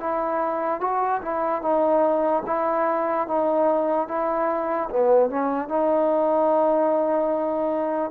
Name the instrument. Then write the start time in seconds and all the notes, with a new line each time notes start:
trombone
0.00 E4
0.81 F#4
1.22 E4
1.62 D#4
2.47 E4
3.28 D#4
4.08 E4
4.90 B3
5.30 C#4
5.69 D#4